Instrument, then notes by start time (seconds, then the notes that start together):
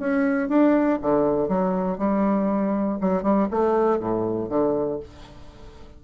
bassoon
0.00 C#4
0.49 D4
1.02 D3
1.49 F#3
1.98 G3
3.01 F#3
3.23 G3
3.51 A3
4.00 A2
4.50 D3